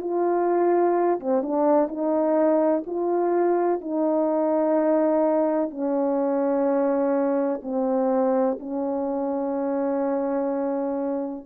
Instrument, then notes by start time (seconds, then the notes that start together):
horn
0.00 F4
1.19 C4
1.42 D4
1.88 D#4
2.86 F4
3.81 D#4
5.70 C#4
7.62 C4
8.59 C#4